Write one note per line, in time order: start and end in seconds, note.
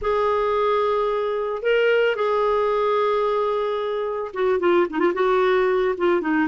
0.01 1.62 G#4
1.62 2.15 A#4
2.15 4.31 G#4
4.33 4.59 F#4
4.59 4.86 F4
4.90 4.99 D#4
4.99 5.12 F4
5.14 5.95 F#4
5.97 6.21 F4
6.21 6.47 D#4